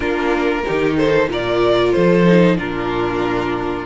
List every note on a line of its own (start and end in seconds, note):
0.00 0.62 A#3
0.00 0.63 D4
0.00 0.61 F4
0.00 0.96 A#4
0.65 1.28 D#3
0.65 1.29 D#4
0.65 0.97 G4
0.97 1.29 A4
0.97 1.29 C5
1.28 1.92 A#2
1.28 2.26 F4
1.28 1.94 A#4
1.28 1.92 D5
1.92 2.58 F3
1.92 2.57 A4
1.92 2.56 C5
2.26 2.56 D#4
2.56 3.85 A#2
2.56 3.85 D4
2.56 3.85 F4
2.56 3.85 A#4